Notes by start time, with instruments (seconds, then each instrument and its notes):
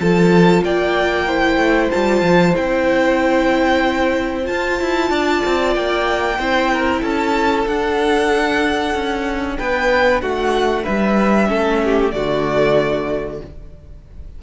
0.00 cello F3, viola F4, violin A4 A5
0.63 cello A#3, violin D5 G5
1.28 viola E4, violin C5
1.57 cello A3
1.91 cello G3, viola F4, violin A5
2.22 cello F3
2.55 cello C4, viola E4, violin G5
4.43 viola F4, violin A5
4.50 cello F4
4.81 cello E4
5.10 cello D4, violin D5
5.45 cello C4
5.76 cello A#3, violin G5
6.39 cello C4, viola E4, violin C5
6.73 violin A#4
7.01 cello C#4, violin A4 A5
7.67 cello D4, viola D4, violin F#5
8.95 cello C#4
9.58 cello B3, violin B4 G5
10.22 cello A3, violin F#4 F#5
10.84 cello G3, violin B4 E5
11.47 cello A3, viola C#4, violin A4
11.85 violin G4
12.11 cello D3, viola A3, violin F#4 D5